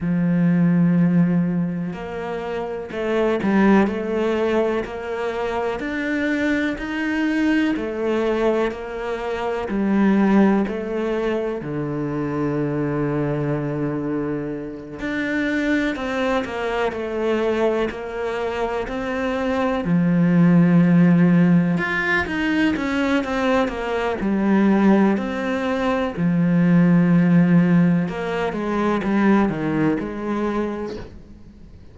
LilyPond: \new Staff \with { instrumentName = "cello" } { \time 4/4 \tempo 4 = 62 f2 ais4 a8 g8 | a4 ais4 d'4 dis'4 | a4 ais4 g4 a4 | d2.~ d8 d'8~ |
d'8 c'8 ais8 a4 ais4 c'8~ | c'8 f2 f'8 dis'8 cis'8 | c'8 ais8 g4 c'4 f4~ | f4 ais8 gis8 g8 dis8 gis4 | }